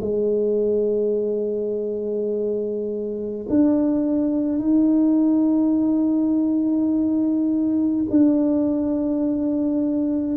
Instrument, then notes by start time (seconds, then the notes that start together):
tuba
0.00 G#3
3.49 D4
4.58 D#4
8.10 D4